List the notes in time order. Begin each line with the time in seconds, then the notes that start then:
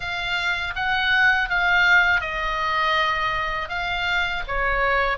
0.00 F5
0.75 F#5
1.49 F5
2.20 D#5
3.68 F5
4.47 C#5